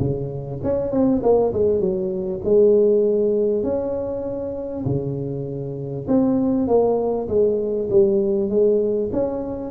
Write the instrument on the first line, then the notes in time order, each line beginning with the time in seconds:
tuba
0.00 C#3
0.64 C#4
0.92 C4
1.23 A#3
1.54 G#3
1.80 F#3
2.45 G#3
3.63 C#4
4.86 C#3
6.08 C4
6.68 A#3
7.29 G#3
7.90 G3
8.50 G#3
9.13 C#4